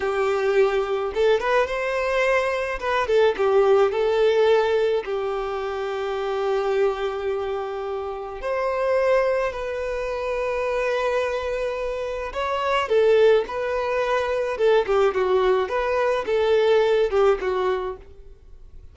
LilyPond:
\new Staff \with { instrumentName = "violin" } { \time 4/4 \tempo 4 = 107 g'2 a'8 b'8 c''4~ | c''4 b'8 a'8 g'4 a'4~ | a'4 g'2.~ | g'2. c''4~ |
c''4 b'2.~ | b'2 cis''4 a'4 | b'2 a'8 g'8 fis'4 | b'4 a'4. g'8 fis'4 | }